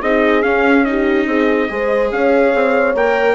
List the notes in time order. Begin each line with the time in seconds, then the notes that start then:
0.00 C4 D#4 G#4 D#5
0.42 C#4 F5
0.84 D#4 G4 D#5
1.26 C4 G#4
1.68 G#3 G#4 C5
2.12 C#4 C#5 F5
2.54 C4
2.94 A#3 A#4 G5